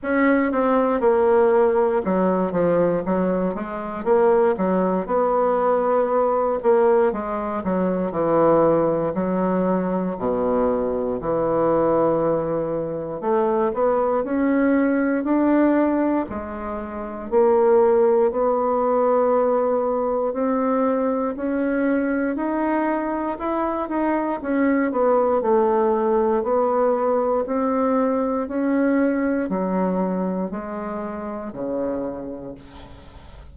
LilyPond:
\new Staff \with { instrumentName = "bassoon" } { \time 4/4 \tempo 4 = 59 cis'8 c'8 ais4 fis8 f8 fis8 gis8 | ais8 fis8 b4. ais8 gis8 fis8 | e4 fis4 b,4 e4~ | e4 a8 b8 cis'4 d'4 |
gis4 ais4 b2 | c'4 cis'4 dis'4 e'8 dis'8 | cis'8 b8 a4 b4 c'4 | cis'4 fis4 gis4 cis4 | }